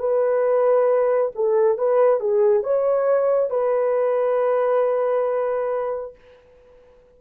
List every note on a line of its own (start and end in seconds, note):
0.00 1.32 B4
1.36 1.78 A4
1.78 2.21 B4
2.21 2.64 G#4
2.64 3.51 C#5
3.51 6.15 B4